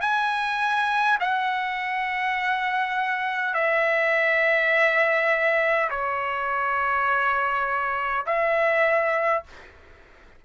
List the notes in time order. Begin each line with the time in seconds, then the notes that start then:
0.00 G#5
1.20 F#5
3.54 E5
5.90 C#5
8.26 E5